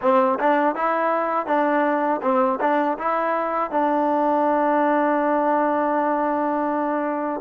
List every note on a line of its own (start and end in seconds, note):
0.01 0.38 C4
0.39 0.75 D4
0.75 1.46 E4
1.46 2.20 D4
2.22 2.59 C4
2.60 2.97 D4
2.98 3.70 E4
3.70 7.41 D4